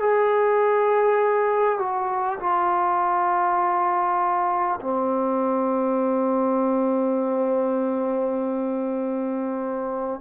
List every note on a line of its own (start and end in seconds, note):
0.00 1.79 G#4
1.79 2.39 F#4
2.40 4.80 F4
4.81 10.21 C4